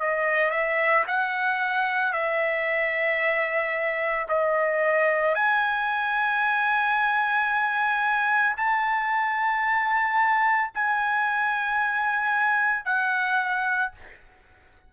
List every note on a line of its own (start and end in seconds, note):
0.00 0.51 D#5
0.51 1.04 E5
1.07 2.12 F#5
2.12 4.27 E5
4.29 5.35 D#5
5.35 8.56 G#5
8.57 10.71 A5
10.74 12.85 G#5
12.85 13.92 F#5